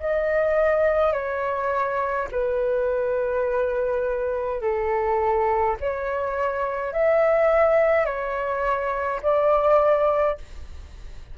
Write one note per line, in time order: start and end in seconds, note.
0.00 1.13 D#5
1.13 2.28 C#5
2.31 4.62 B4
4.62 5.77 A4
5.80 6.93 C#5
6.93 8.06 E5
8.06 9.21 C#5
9.23 10.38 D5